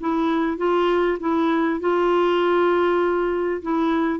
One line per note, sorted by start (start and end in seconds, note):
0.00 0.57 E4
0.57 1.18 F4
1.20 1.80 E4
1.80 3.62 F4
3.62 4.19 E4